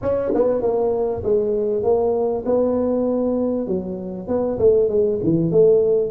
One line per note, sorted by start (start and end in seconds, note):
0.01 0.32 C#4
0.34 0.61 B3
0.61 1.22 A#3
1.23 1.83 G#3
1.83 2.44 A#3
2.45 3.67 B3
3.67 4.27 F#3
4.27 4.58 B3
4.58 4.88 A3
4.88 5.19 G#3
5.23 5.51 E3
5.51 6.11 A3